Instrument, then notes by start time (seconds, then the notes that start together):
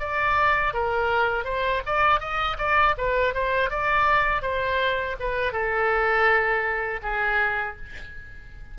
oboe
0.00 D5
0.74 A#4
1.45 C5
1.87 D5
2.20 D#5
2.59 D5
2.98 B4
3.34 C5
3.70 D5
4.42 C5
5.20 B4
5.53 A4
7.03 G#4